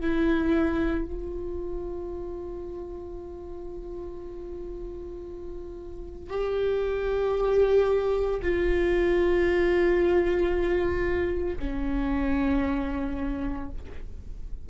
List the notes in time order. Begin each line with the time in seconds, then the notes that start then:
0.00 E4
1.05 F4
6.30 G4
8.42 F4
11.59 C#4